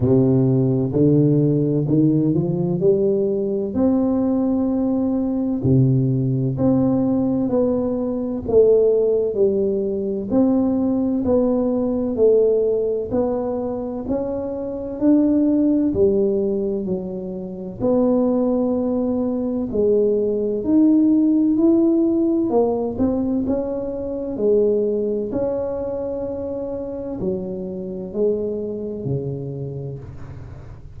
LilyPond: \new Staff \with { instrumentName = "tuba" } { \time 4/4 \tempo 4 = 64 c4 d4 dis8 f8 g4 | c'2 c4 c'4 | b4 a4 g4 c'4 | b4 a4 b4 cis'4 |
d'4 g4 fis4 b4~ | b4 gis4 dis'4 e'4 | ais8 c'8 cis'4 gis4 cis'4~ | cis'4 fis4 gis4 cis4 | }